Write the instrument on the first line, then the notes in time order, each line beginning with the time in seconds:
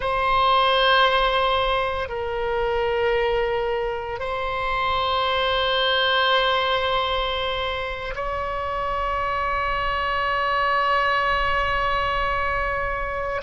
oboe
0.00 C5
2.09 A#4
4.19 C5
8.15 C#5